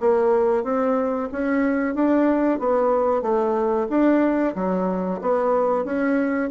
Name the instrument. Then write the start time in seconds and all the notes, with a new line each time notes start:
bassoon
0.00 A#3
0.64 C4
1.32 C#4
1.95 D4
2.59 B3
3.22 A3
3.90 D4
4.55 F#3
5.21 B3
5.85 C#4